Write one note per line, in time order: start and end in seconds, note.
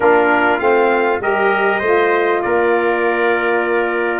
0.00 0.60 A#3
0.00 0.58 D4
0.00 1.22 F4
0.00 0.59 A#4
0.58 1.19 A3
0.58 1.19 C4
0.58 1.20 F5
1.19 1.80 G3
1.19 1.81 G4
1.19 1.79 A#4
1.19 2.42 D#5
1.79 2.41 A3
1.79 4.20 F4
1.79 2.40 C5
2.42 4.20 A#3
2.42 4.20 A#4
2.42 4.20 D5